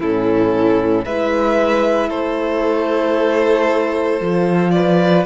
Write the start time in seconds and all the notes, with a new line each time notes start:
0.00 A2 C#4 E4 A4
1.05 G#3 E4 B4 E5
2.09 A3 A4 C5
4.21 F3 F4
4.71 B4 D5